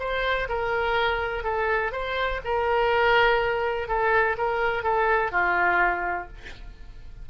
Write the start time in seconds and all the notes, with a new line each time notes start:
0.00 C5
0.49 A#4
1.44 A4
1.93 C5
2.45 A#4
3.88 A4
4.38 A#4
4.84 A4
5.32 F4